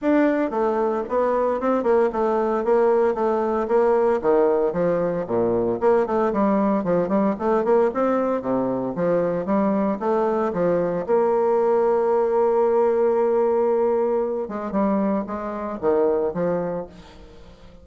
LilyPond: \new Staff \with { instrumentName = "bassoon" } { \time 4/4 \tempo 4 = 114 d'4 a4 b4 c'8 ais8 | a4 ais4 a4 ais4 | dis4 f4 ais,4 ais8 a8 | g4 f8 g8 a8 ais8 c'4 |
c4 f4 g4 a4 | f4 ais2.~ | ais2.~ ais8 gis8 | g4 gis4 dis4 f4 | }